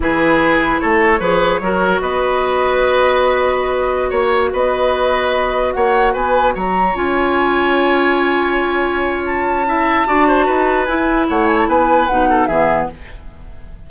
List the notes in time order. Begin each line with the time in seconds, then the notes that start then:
0.00 E3 E4 G#4 B4
0.80 A3 A4 C#5
1.19 F3 G#4 B4
1.60 F#3 F#4 A#4
2.01 B3 B4 D#5
4.09 A#3 C#5
4.52 B3 B4 D#5
5.72 A#3 C#5 F#5
6.13 B3 B4 G#5
6.54 F#3 C#5 A#5
6.94 C#4 F4 G#5
9.25 A5
9.66 E4 E5
10.06 D4 F#4 D5
10.27 C5
10.45 D#4 B4
10.85 E4 G#5
11.29 A3 C#5 F#5
11.47 G#5
11.57 A5
11.67 B3 B4 G#5
12.07 B2 D#4 F#5
12.29 A4
12.46 E3 B3 G#4 E5